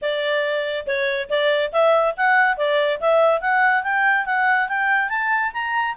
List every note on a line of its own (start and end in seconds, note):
0.01 0.86 D5
0.86 1.29 C#5
1.29 1.72 D5
1.72 2.15 E5
2.16 2.57 F#5
2.57 2.99 D5
3.00 3.40 E5
3.40 3.83 F#5
3.83 4.25 G5
4.25 4.68 F#5
4.68 5.09 G5
5.09 5.51 A5
5.53 5.95 A#5